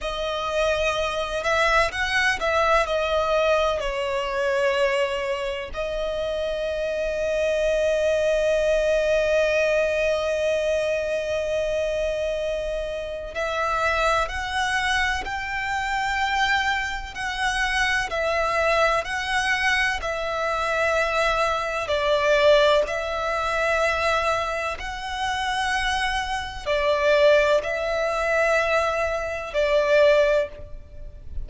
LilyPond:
\new Staff \with { instrumentName = "violin" } { \time 4/4 \tempo 4 = 63 dis''4. e''8 fis''8 e''8 dis''4 | cis''2 dis''2~ | dis''1~ | dis''2 e''4 fis''4 |
g''2 fis''4 e''4 | fis''4 e''2 d''4 | e''2 fis''2 | d''4 e''2 d''4 | }